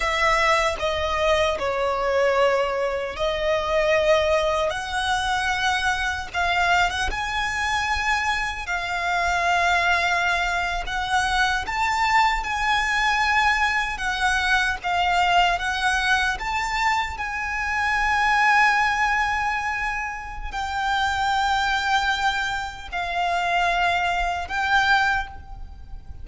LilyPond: \new Staff \with { instrumentName = "violin" } { \time 4/4 \tempo 4 = 76 e''4 dis''4 cis''2 | dis''2 fis''2 | f''8. fis''16 gis''2 f''4~ | f''4.~ f''16 fis''4 a''4 gis''16~ |
gis''4.~ gis''16 fis''4 f''4 fis''16~ | fis''8. a''4 gis''2~ gis''16~ | gis''2 g''2~ | g''4 f''2 g''4 | }